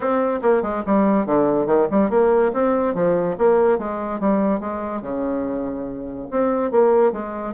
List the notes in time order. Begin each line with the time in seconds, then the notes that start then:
0.00 C4
0.41 A#3
0.62 G#3
0.86 G3
1.26 D3
1.66 D#3
1.90 G3
2.10 A#3
2.53 C4
2.94 F3
3.38 A#3
3.78 G#3
4.20 G3
4.60 G#3
5.01 C#3
6.31 C4
6.71 A#3
7.12 G#3